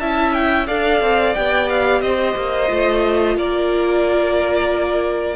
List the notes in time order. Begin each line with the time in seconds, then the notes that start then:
0.00 C#4 E4 E5 A5
0.33 G5
0.67 D4 A4 D5 F5
1.01 C4
1.35 B3 G4 G5
1.69 F5
2.01 C4 C5 D#5
2.36 A#3
2.68 A3 F4
3.36 A#3 A#4 D5